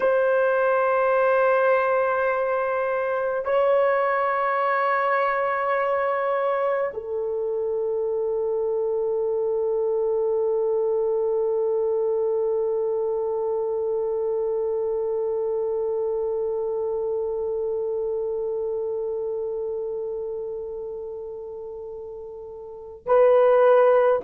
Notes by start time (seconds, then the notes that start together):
0.00 C5
3.45 C#5
6.93 A4
23.06 B4